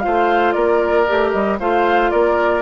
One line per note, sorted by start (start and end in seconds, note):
0.00 1.07 F4
0.00 0.55 C5
0.00 0.52 F5
0.06 0.56 A3
0.52 1.08 A#3
0.52 1.59 A#4
0.52 1.30 D5
1.07 1.34 A3
1.07 1.59 G4
1.32 1.60 G3
1.32 1.58 D#5
1.59 2.12 A3
1.59 2.63 F4
1.59 2.12 C5
1.59 2.11 F5
2.11 2.63 A#3
2.11 2.63 A#4
2.11 2.63 D5